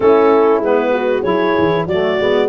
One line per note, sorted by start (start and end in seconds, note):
0.00 0.59 A3
0.00 0.61 C#4
0.00 0.92 E4
0.00 0.61 A4
0.59 1.22 G#3
0.59 1.23 B3
0.59 1.22 B4
0.92 1.22 F#4
1.22 1.55 F#3
1.22 1.86 E4
1.22 1.85 G#4
1.22 1.85 C#5
1.58 1.87 E3
1.87 2.18 F#3
1.87 2.20 A3
1.87 2.49 F#4
1.87 2.49 D5
2.19 2.49 G#3
2.19 2.49 B3